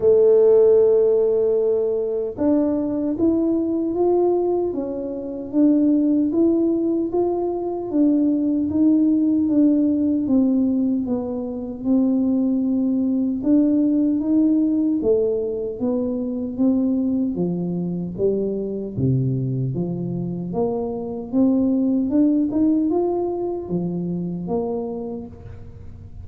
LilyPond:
\new Staff \with { instrumentName = "tuba" } { \time 4/4 \tempo 4 = 76 a2. d'4 | e'4 f'4 cis'4 d'4 | e'4 f'4 d'4 dis'4 | d'4 c'4 b4 c'4~ |
c'4 d'4 dis'4 a4 | b4 c'4 f4 g4 | c4 f4 ais4 c'4 | d'8 dis'8 f'4 f4 ais4 | }